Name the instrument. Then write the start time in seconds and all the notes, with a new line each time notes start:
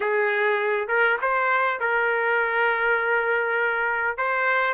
trumpet
0.00 G#4
0.87 A#4
1.21 C5
1.80 A#4
4.17 C5